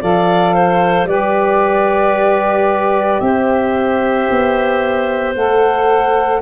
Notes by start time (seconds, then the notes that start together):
0.00 F3 A4 D5 F5
0.54 C5
1.04 G3 G4 B4 D5
3.19 C4 C5 E5
4.29 B3
5.35 A3 A4 F#5